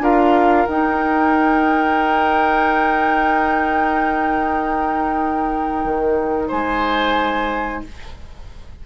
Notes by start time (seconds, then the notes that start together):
0.00 D4 F4 A#4 F5
0.67 D#4 G5
5.84 D#3
6.48 G#3 C5 G#5